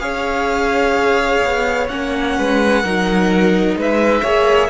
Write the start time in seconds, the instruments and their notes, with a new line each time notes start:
0.00 cello C#4, viola G#4, violin C#5 F5
1.45 cello B3
1.89 cello A#3, viola C#4, violin F#5
2.38 cello G#3, violin B4
2.84 cello F#3, viola D#4, violin A#4
3.76 cello G#3, violin B4 E5
4.22 cello A#3, viola G#4, violin C#5